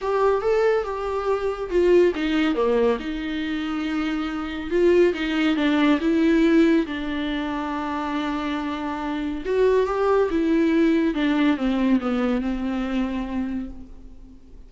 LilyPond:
\new Staff \with { instrumentName = "viola" } { \time 4/4 \tempo 4 = 140 g'4 a'4 g'2 | f'4 dis'4 ais4 dis'4~ | dis'2. f'4 | dis'4 d'4 e'2 |
d'1~ | d'2 fis'4 g'4 | e'2 d'4 c'4 | b4 c'2. | }